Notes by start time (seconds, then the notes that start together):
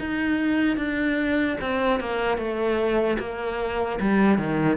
0.00 D#4
0.77 D4
1.61 C4
2.00 A#3
2.38 A3
3.20 A#3
4.01 G3
4.39 D#3